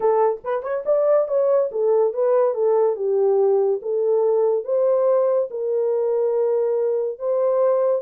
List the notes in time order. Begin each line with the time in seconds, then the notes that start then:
0.00 A4
0.44 B4
0.62 C#5
0.85 D5
1.28 C#5
1.71 A4
2.13 B4
2.54 A4
2.96 G4
3.82 A4
4.64 C5
5.50 A#4
7.19 C5